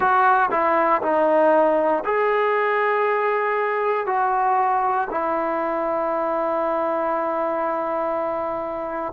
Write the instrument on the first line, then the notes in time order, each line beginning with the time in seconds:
trombone
0.00 F#4
0.50 E4
1.02 D#4
2.04 G#4
4.06 F#4
5.10 E4